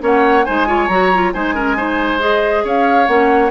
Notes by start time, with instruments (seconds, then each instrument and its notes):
0.00 bassoon A#3, clarinet C#4, oboe C#5, flute F#5
0.45 bassoon G#3, clarinet D#4, oboe C5, flute G#5
0.67 clarinet F4, oboe C#5
0.88 bassoon F#3, clarinet F#4, flute A#5
1.14 clarinet F4
1.33 bassoon G#3, clarinet D#4, oboe C5, flute G#5
1.55 clarinet C#4, oboe A#4
1.77 clarinet D#4, oboe C5
2.19 clarinet G#4, flute D#5
2.64 bassoon C#4, oboe C#5, flute F5
3.07 bassoon A#3, clarinet C#4, flute F#5